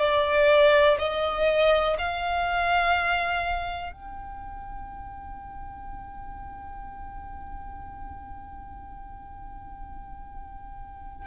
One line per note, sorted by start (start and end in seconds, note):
0.00 0.98 D5
0.99 1.97 D#5
1.99 3.93 F5
3.93 11.27 G5